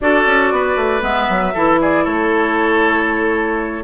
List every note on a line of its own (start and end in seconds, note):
0.00 0.26 D4
0.00 1.01 F#4
0.00 0.53 A4
0.00 1.03 D5
0.26 0.51 C#4
0.51 0.76 B3
0.51 1.53 B4
0.76 1.01 A3
1.01 1.27 G#3
1.01 1.52 B3
1.01 1.79 E5
1.28 1.54 F#3
1.53 2.06 E3
1.53 3.83 E4
1.53 1.79 A4
1.81 2.04 G#4
1.81 2.05 D5
2.04 3.83 A3
2.04 3.83 A4
2.04 3.83 C#5